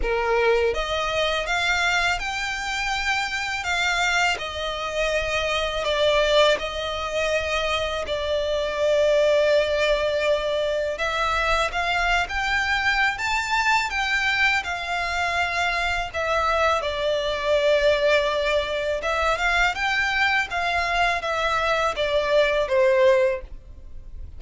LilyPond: \new Staff \with { instrumentName = "violin" } { \time 4/4 \tempo 4 = 82 ais'4 dis''4 f''4 g''4~ | g''4 f''4 dis''2 | d''4 dis''2 d''4~ | d''2. e''4 |
f''8. g''4~ g''16 a''4 g''4 | f''2 e''4 d''4~ | d''2 e''8 f''8 g''4 | f''4 e''4 d''4 c''4 | }